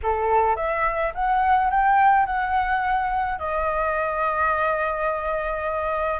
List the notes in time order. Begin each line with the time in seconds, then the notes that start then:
0.02 A4
0.56 E5
1.14 F#5
1.70 G5
2.25 F#5
3.38 D#5